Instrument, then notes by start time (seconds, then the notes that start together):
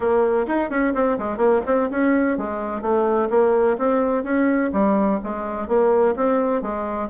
bassoon
0.00 A#3
0.47 D#4
0.70 C#4
0.94 C4
1.18 G#3
1.37 A#3
1.66 C4
1.90 C#4
2.37 G#3
2.81 A3
3.30 A#3
3.78 C4
4.23 C#4
4.72 G3
5.23 G#3
5.68 A#3
6.15 C4
6.62 G#3